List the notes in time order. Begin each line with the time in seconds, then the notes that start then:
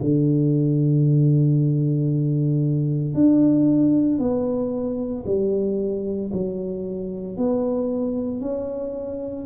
0.00 D3
3.14 D4
4.19 B3
5.26 G3
6.33 F#3
7.37 B3
8.40 C#4